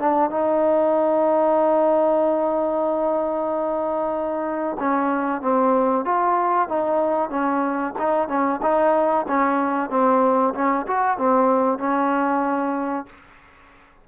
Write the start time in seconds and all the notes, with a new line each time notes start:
0.00 D4
0.30 D#4
4.80 C#4
5.42 C4
6.06 F4
6.69 D#4
7.30 C#4
7.99 D#4
8.28 C#4
8.63 D#4
9.28 C#4
9.90 C4
10.55 C#4
10.87 F#4
11.18 C4
11.79 C#4